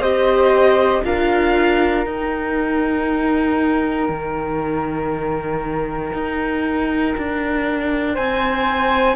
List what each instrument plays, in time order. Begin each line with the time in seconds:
0.00 cello C4, viola G4, flute C5, violin D#5
1.04 cello D4, viola F4, flute A#4, violin F5
2.05 viola D#4, cello D#4, violin G5
4.10 cello D#3
6.14 cello D#4
7.18 cello D4
8.15 cello C4, flute C5, violin G#5